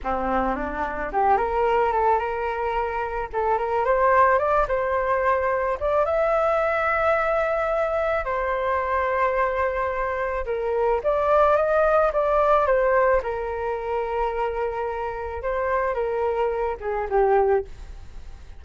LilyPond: \new Staff \with { instrumentName = "flute" } { \time 4/4 \tempo 4 = 109 c'4 d'4 g'8 ais'4 a'8 | ais'2 a'8 ais'8 c''4 | d''8 c''2 d''8 e''4~ | e''2. c''4~ |
c''2. ais'4 | d''4 dis''4 d''4 c''4 | ais'1 | c''4 ais'4. gis'8 g'4 | }